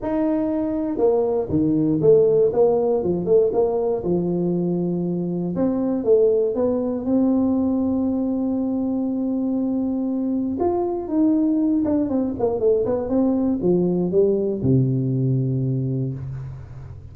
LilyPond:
\new Staff \with { instrumentName = "tuba" } { \time 4/4 \tempo 4 = 119 dis'2 ais4 dis4 | a4 ais4 f8 a8 ais4 | f2. c'4 | a4 b4 c'2~ |
c'1~ | c'4 f'4 dis'4. d'8 | c'8 ais8 a8 b8 c'4 f4 | g4 c2. | }